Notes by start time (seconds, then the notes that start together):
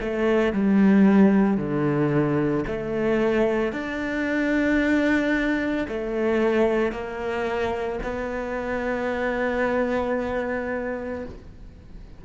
0.00 A3
0.53 G3
1.57 D3
2.67 A3
3.72 D4
5.88 A3
6.92 A#3
8.03 B3